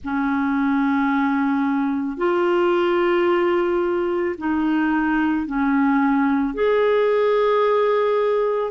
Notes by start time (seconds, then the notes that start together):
0.03 C#4
2.17 F4
4.37 D#4
5.46 C#4
6.54 G#4